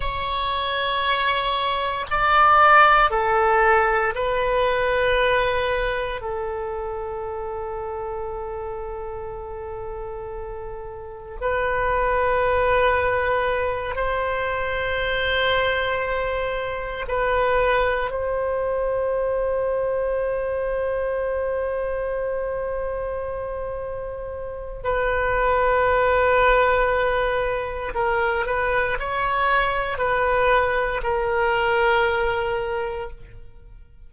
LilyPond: \new Staff \with { instrumentName = "oboe" } { \time 4/4 \tempo 4 = 58 cis''2 d''4 a'4 | b'2 a'2~ | a'2. b'4~ | b'4. c''2~ c''8~ |
c''8 b'4 c''2~ c''8~ | c''1 | b'2. ais'8 b'8 | cis''4 b'4 ais'2 | }